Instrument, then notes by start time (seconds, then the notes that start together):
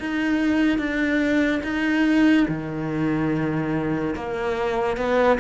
cello
0.00 D#4
0.78 D4
1.63 D#4
2.48 D#3
4.16 A#3
4.97 B3